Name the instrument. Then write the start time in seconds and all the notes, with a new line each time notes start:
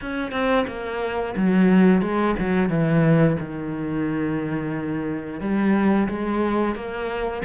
cello
0.01 C#4
0.31 C4
0.67 A#3
1.36 F#3
2.01 G#3
2.39 F#3
2.69 E3
3.39 D#3
5.40 G3
6.08 G#3
6.75 A#3